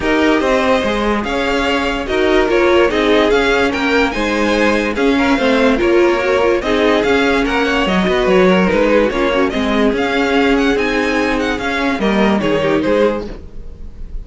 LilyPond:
<<
  \new Staff \with { instrumentName = "violin" } { \time 4/4 \tempo 4 = 145 dis''2. f''4~ | f''4 dis''4 cis''4 dis''4 | f''4 g''4 gis''2 | f''2 cis''2 |
dis''4 f''4 fis''4 dis''4 | cis''4 b'4 cis''4 dis''4 | f''4. fis''8 gis''4. fis''8 | f''4 dis''4 cis''4 c''4 | }
  \new Staff \with { instrumentName = "violin" } { \time 4/4 ais'4 c''2 cis''4~ | cis''4 ais'2 gis'4~ | gis'4 ais'4 c''2 | gis'8 ais'8 c''4 ais'2 |
gis'2 ais'8 cis''4 b'8~ | b'8 ais'4 gis'16 fis'16 f'8 cis'8 gis'4~ | gis'1~ | gis'4 ais'4 gis'8 g'8 gis'4 | }
  \new Staff \with { instrumentName = "viola" } { \time 4/4 g'2 gis'2~ | gis'4 fis'4 f'4 dis'4 | cis'2 dis'2 | cis'4 c'4 f'4 fis'8 f'8 |
dis'4 cis'2 fis'4~ | fis'4 dis'4 cis'8 fis'8 c'4 | cis'2 dis'2 | cis'4 ais4 dis'2 | }
  \new Staff \with { instrumentName = "cello" } { \time 4/4 dis'4 c'4 gis4 cis'4~ | cis'4 dis'4 ais4 c'4 | cis'4 ais4 gis2 | cis'4 a4 ais2 |
c'4 cis'4 ais4 fis8 b8 | fis4 gis4 ais4 gis4 | cis'2 c'2 | cis'4 g4 dis4 gis4 | }
>>